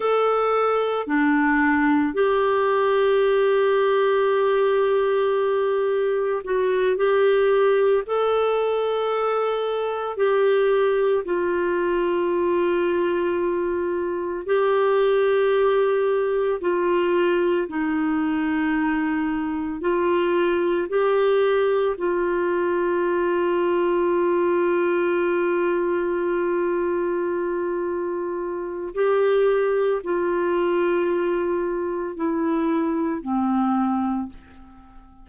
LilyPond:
\new Staff \with { instrumentName = "clarinet" } { \time 4/4 \tempo 4 = 56 a'4 d'4 g'2~ | g'2 fis'8 g'4 a'8~ | a'4. g'4 f'4.~ | f'4. g'2 f'8~ |
f'8 dis'2 f'4 g'8~ | g'8 f'2.~ f'8~ | f'2. g'4 | f'2 e'4 c'4 | }